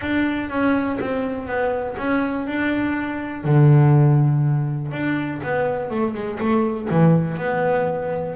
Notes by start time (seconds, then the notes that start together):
0.01 D4
0.49 C#4
1.00 C4
1.46 B3
1.97 C#4
2.46 D4
3.44 D3
4.91 D4
5.43 B3
5.90 A3
6.14 G#3
6.39 A3
6.90 E3
7.37 B3